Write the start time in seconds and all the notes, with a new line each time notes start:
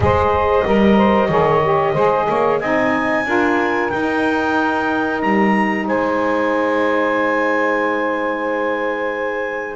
0.00 G#3 G#4 C5 D#5
0.65 G3 A#4
0.96 C5
1.28 D#3 G#4 C#5
1.62 G4
1.92 G#3 G#4 C5
2.28 A#3 C#5
2.60 C4 D#4 D#5 G#5
3.25 D4 F4 A#4
3.89 D#4 G5
5.20 G3 A#5
5.87 G#3 C5 G#5